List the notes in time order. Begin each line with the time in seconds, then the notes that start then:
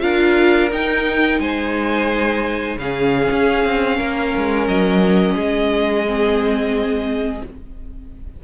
0.00 D4 F4 A#4 F5
0.72 D#4 G5
1.39 G#3 C5 G#5
2.76 C#3 C#4 G#4 F5
3.31 C#4
3.65 C4
3.97 A#3 A#4
4.37 G#3
4.68 F#3 D#5
5.35 G#3 G#4
6.07 C4